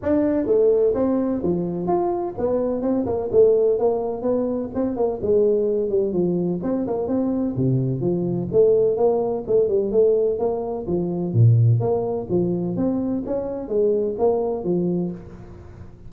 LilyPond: \new Staff \with { instrumentName = "tuba" } { \time 4/4 \tempo 4 = 127 d'4 a4 c'4 f4 | f'4 b4 c'8 ais8 a4 | ais4 b4 c'8 ais8 gis4~ | gis8 g8 f4 c'8 ais8 c'4 |
c4 f4 a4 ais4 | a8 g8 a4 ais4 f4 | ais,4 ais4 f4 c'4 | cis'4 gis4 ais4 f4 | }